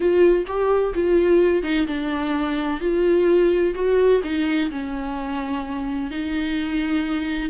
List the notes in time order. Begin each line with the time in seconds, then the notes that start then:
0.00 F4
0.46 G4
0.94 F4
1.63 D#4
1.86 D4
2.80 F4
3.74 F#4
4.23 D#4
4.70 C#4
6.10 D#4